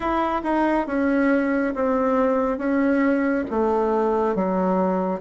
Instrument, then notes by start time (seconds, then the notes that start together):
bassoon
0.00 E4
0.43 D#4
0.87 C#4
1.74 C4
2.58 C#4
3.50 A3
4.35 F#3